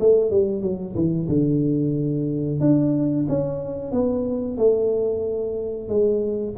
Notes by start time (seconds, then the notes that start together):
0.00 A3
0.31 G3
0.62 F#3
0.96 E3
1.29 D3
2.60 D4
3.29 C#4
3.92 B3
4.58 A3
5.89 G#3